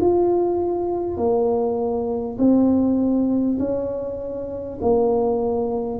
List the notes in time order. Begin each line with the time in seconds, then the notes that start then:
0.00 F4
1.17 A#3
2.38 C4
3.59 C#4
4.82 A#3